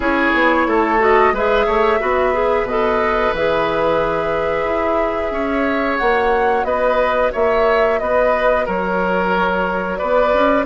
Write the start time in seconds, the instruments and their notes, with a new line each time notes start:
0.00 bassoon C#4, clarinet E4, oboe G#4, flute C#5
0.33 bassoon B3
0.66 bassoon A3, oboe A4
0.99 clarinet F#4, flute D#5
1.32 bassoon G#3, clarinet G#4, oboe B4, flute E5
1.66 bassoon A3, oboe C#5
2.00 bassoon B3, clarinet F#4, oboe B4
2.33 clarinet G#4
2.63 bassoon B2, clarinet A4, flute D#5
3.32 bassoon E3, clarinet G#4, flute E5
4.64 bassoon E4
5.31 bassoon C#4, oboe C#5
5.98 bassoon A#3, clarinet F#4, flute F#5
6.64 bassoon B3, oboe B4, flute D#5
7.32 bassoon A#3, oboe C#5, flute E5
7.99 bassoon B3, oboe B4, flute D#5
8.65 bassoon F#3, oboe A#4, flute C#5
9.97 bassoon B3, oboe B4, flute D5
10.33 bassoon C#4